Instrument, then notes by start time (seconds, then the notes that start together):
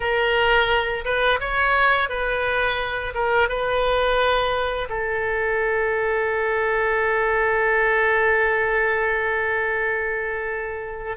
oboe
0.00 A#4
1.04 B4
1.40 C#5
2.09 B4
3.14 A#4
3.49 B4
4.89 A4